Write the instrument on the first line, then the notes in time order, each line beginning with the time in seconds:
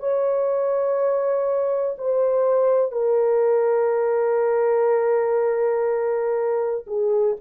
horn
0.00 C#5
1.99 C5
2.92 A#4
6.87 G#4